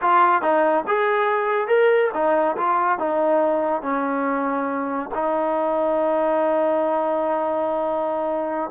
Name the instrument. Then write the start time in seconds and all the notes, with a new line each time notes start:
trombone
0.01 F4
0.42 D#4
0.87 G#4
1.67 A#4
2.14 D#4
2.56 F4
2.98 D#4
3.82 C#4
5.14 D#4